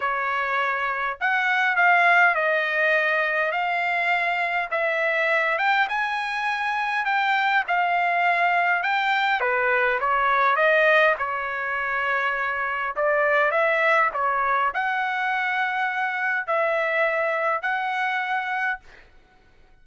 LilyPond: \new Staff \with { instrumentName = "trumpet" } { \time 4/4 \tempo 4 = 102 cis''2 fis''4 f''4 | dis''2 f''2 | e''4. g''8 gis''2 | g''4 f''2 g''4 |
b'4 cis''4 dis''4 cis''4~ | cis''2 d''4 e''4 | cis''4 fis''2. | e''2 fis''2 | }